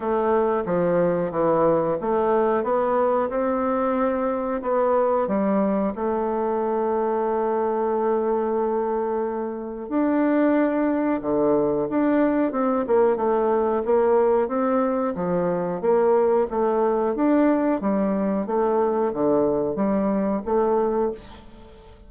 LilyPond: \new Staff \with { instrumentName = "bassoon" } { \time 4/4 \tempo 4 = 91 a4 f4 e4 a4 | b4 c'2 b4 | g4 a2.~ | a2. d'4~ |
d'4 d4 d'4 c'8 ais8 | a4 ais4 c'4 f4 | ais4 a4 d'4 g4 | a4 d4 g4 a4 | }